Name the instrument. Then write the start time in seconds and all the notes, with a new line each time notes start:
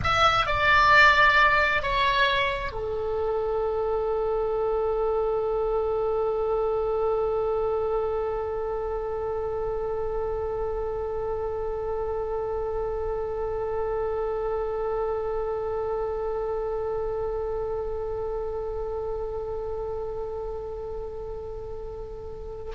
oboe
0.03 E5
0.46 D5
1.82 C#5
2.72 A4